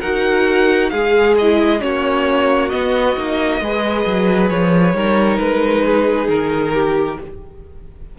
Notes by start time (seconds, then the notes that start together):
0.00 D#4 F#4 A#4 F#5
0.90 G#3 G#4 F5
1.37 E4 D#5
1.80 A#3 C#4 F#4 C#5
2.69 B3 D#5
3.16 A#3 D#4
3.60 G#3 G#4 B4
4.05 F#3
4.49 F3 C#5
4.94 G3 D#4 A#4
5.38 G#3 B4
5.85 G#4
6.28 D#3 A#4
6.73 G4